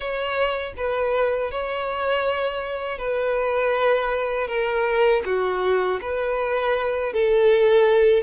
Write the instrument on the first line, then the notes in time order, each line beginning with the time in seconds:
violin
0.00 C#5
0.76 B4
1.51 C#5
2.98 B4
4.47 A#4
5.25 F#4
6.01 B4
7.13 A4